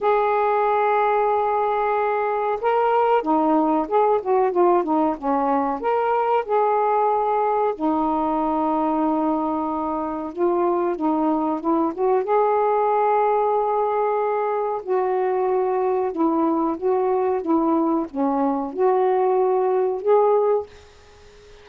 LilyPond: \new Staff \with { instrumentName = "saxophone" } { \time 4/4 \tempo 4 = 93 gis'1 | ais'4 dis'4 gis'8 fis'8 f'8 dis'8 | cis'4 ais'4 gis'2 | dis'1 |
f'4 dis'4 e'8 fis'8 gis'4~ | gis'2. fis'4~ | fis'4 e'4 fis'4 e'4 | cis'4 fis'2 gis'4 | }